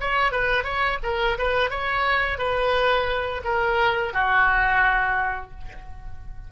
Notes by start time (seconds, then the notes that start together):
0.00 C#5
0.32 B4
0.64 C#5
1.03 A#4
1.38 B4
1.70 C#5
2.38 B4
3.44 A#4
4.13 F#4